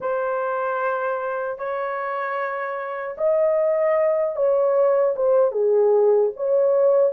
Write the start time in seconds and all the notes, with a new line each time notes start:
0.00 C5
1.58 C#5
3.17 D#5
4.36 C#5
5.16 C5
5.51 G#4
6.36 C#5